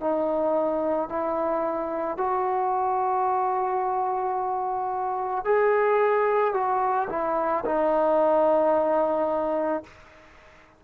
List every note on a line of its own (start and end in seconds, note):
0.00 1.09 D#4
1.09 2.18 E4
2.18 5.44 F#4
5.44 6.54 G#4
6.54 7.08 F#4
7.10 7.64 E4
7.65 9.83 D#4